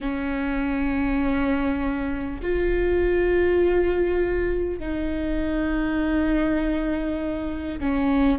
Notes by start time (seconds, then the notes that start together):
0.01 C#4
2.42 F4
4.79 D#4
7.79 C#4